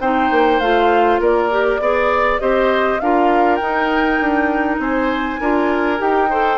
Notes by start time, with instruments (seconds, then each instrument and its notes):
0.00 bassoon C4, clarinet D#4, oboe C5, flute G5
0.31 bassoon A#3
0.60 bassoon A3, clarinet F4, flute F5
1.19 bassoon A#3, oboe A#4, flute D5
1.51 clarinet G4
1.79 bassoon B3, clarinet G#4, oboe D5
2.39 bassoon C4, clarinet G4, oboe C5, flute D#5
3.00 bassoon D4, clarinet F4, oboe A#4, flute F5
3.55 bassoon D#4, clarinet D#4, flute G5
4.20 bassoon D4
4.78 bassoon C4, oboe C5, flute G#5
5.40 bassoon D4, clarinet F4, oboe A#4
5.98 bassoon D#4, clarinet G4, flute G5
6.29 clarinet A4, oboe C5